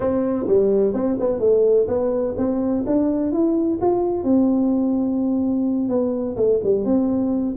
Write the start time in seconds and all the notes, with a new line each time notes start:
0.00 C4
0.47 G3
0.93 C4
1.19 B3
1.39 A3
1.87 B3
2.37 C4
2.86 D4
3.32 E4
3.81 F4
4.23 C4
5.88 B3
6.36 A3
6.63 G3
6.84 C4